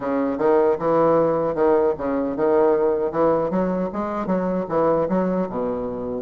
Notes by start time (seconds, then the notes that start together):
0.00 C#3
0.38 D#3
0.78 E3
1.54 D#3
1.97 C#3
2.36 D#3
3.11 E3
3.50 F#3
3.92 G#3
4.26 F#3
4.68 E3
5.09 F#3
5.49 B2